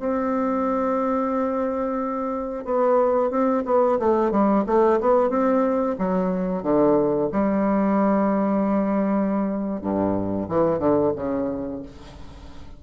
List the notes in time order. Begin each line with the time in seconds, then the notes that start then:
0.00 C4
2.65 B3
3.30 C4
3.65 B3
3.99 A3
4.31 G3
4.67 A3
5.01 B3
5.30 C4
5.98 F#3
6.63 D3
7.32 G3
9.81 G2
10.48 E3
10.79 D3
11.16 C#3